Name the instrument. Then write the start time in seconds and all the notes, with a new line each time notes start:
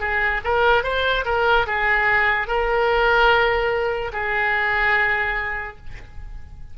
oboe
0.00 G#4
0.44 A#4
0.83 C5
1.25 A#4
1.67 G#4
2.48 A#4
4.12 G#4